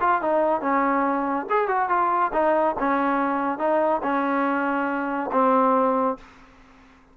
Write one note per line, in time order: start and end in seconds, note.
0.00 0.21 F4
0.21 0.61 D#4
0.61 1.46 C#4
1.49 1.68 G#4
1.68 1.89 F#4
1.89 2.31 F4
2.33 2.75 D#4
2.79 3.58 C#4
3.58 4.01 D#4
4.02 5.30 C#4
5.32 6.17 C4